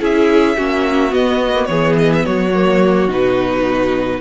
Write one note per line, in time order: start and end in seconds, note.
0.00 0.57 C#4
0.00 0.56 E4
0.00 0.57 G#4
0.00 1.14 E5
0.57 1.12 A#3
0.57 1.10 C#4
0.57 1.69 F#4
1.10 1.52 B3
1.10 1.68 B3
1.10 1.65 D#5
1.54 1.67 A#3
1.65 2.25 E3
1.65 2.51 B3
1.65 2.26 G#4
1.65 1.93 C#5
1.99 2.13 D#5
2.13 2.25 E5
2.25 3.08 F#3
2.25 4.20 F#4
2.25 3.09 C#5
2.54 3.08 A#3
3.08 4.20 B2
3.08 4.20 D#4
3.08 4.20 B4